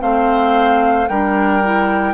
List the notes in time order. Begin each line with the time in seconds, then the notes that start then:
0.00 A3 C4 C5 F5
1.08 G3 D4 A#4 G5
1.63 E4